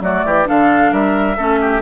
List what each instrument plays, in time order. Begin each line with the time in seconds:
0.00 bassoon F#3, clarinet A3, oboe F#4, flute D5
0.25 bassoon E3, oboe G4
0.45 bassoon D3, clarinet D4, oboe A4, flute F5
0.91 bassoon G3, oboe A#4, flute E5
1.37 bassoon A3, clarinet C#4, oboe A4
1.60 oboe G4